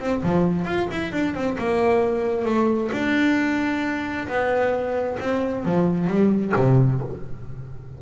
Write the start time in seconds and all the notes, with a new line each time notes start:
0.00 C4
0.23 F3
0.65 F4
0.91 E4
1.12 D4
1.35 C4
1.58 A#3
2.45 A3
2.92 D4
4.28 B3
5.20 C4
5.65 F3
6.08 G3
6.57 C3